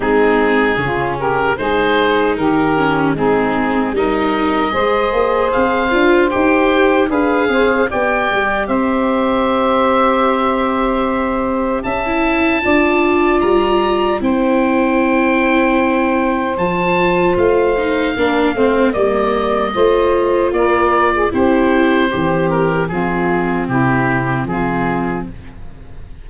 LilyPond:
<<
  \new Staff \with { instrumentName = "oboe" } { \time 4/4 \tempo 4 = 76 gis'4. ais'8 c''4 ais'4 | gis'4 dis''2 f''4 | g''4 f''4 g''4 e''4~ | e''2. a''4~ |
a''4 ais''4 g''2~ | g''4 a''4 f''2 | dis''2 d''4 c''4~ | c''8 ais'8 gis'4 g'4 gis'4 | }
  \new Staff \with { instrumentName = "saxophone" } { \time 4/4 dis'4 f'8 g'8 gis'4 g'4 | dis'4 ais'4 c''2~ | c''4 b'8 c''8 d''4 c''4~ | c''2. e''4 |
d''2 c''2~ | c''2. ais'8 c''8 | d''4 c''4 ais'8. gis'16 g'4 | c'4 f'4 e'4 f'4 | }
  \new Staff \with { instrumentName = "viola" } { \time 4/4 c'4 cis'4 dis'4. cis'8 | c'4 dis'4 gis'4. f'8 | g'4 gis'4 g'2~ | g'2.~ g'16 e'8. |
f'2 e'2~ | e'4 f'4. dis'8 d'8 c'8 | ais4 f'2 e'4 | g'4 c'2. | }
  \new Staff \with { instrumentName = "tuba" } { \time 4/4 gis4 cis4 gis4 dis4 | gis4 g4 gis8 ais8 c'8 d'8 | dis'4 d'8 c'8 b8 g8 c'4~ | c'2. cis'4 |
d'4 g4 c'2~ | c'4 f4 a4 ais8 a8 | g4 a4 ais4 c'4 | e4 f4 c4 f4 | }
>>